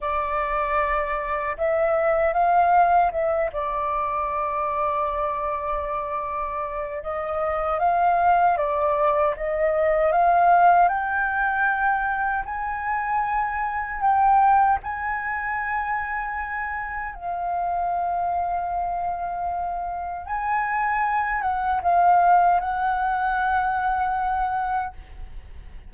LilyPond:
\new Staff \with { instrumentName = "flute" } { \time 4/4 \tempo 4 = 77 d''2 e''4 f''4 | e''8 d''2.~ d''8~ | d''4 dis''4 f''4 d''4 | dis''4 f''4 g''2 |
gis''2 g''4 gis''4~ | gis''2 f''2~ | f''2 gis''4. fis''8 | f''4 fis''2. | }